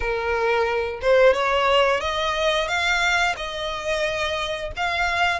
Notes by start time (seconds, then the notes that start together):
0.00 A#4
1.01 C5
1.33 C#5
2.00 D#5
2.68 F5
3.36 D#5
4.76 F5